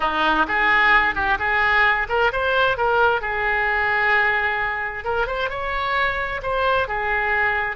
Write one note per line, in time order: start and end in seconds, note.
0.00 0.46 D#4
0.47 1.15 G#4
1.15 1.38 G4
1.39 2.07 G#4
2.08 2.31 A#4
2.32 2.77 C5
2.77 3.21 A#4
3.21 5.04 G#4
5.04 5.26 A#4
5.26 5.49 C5
5.49 6.41 C#5
6.42 6.88 C5
6.88 7.76 G#4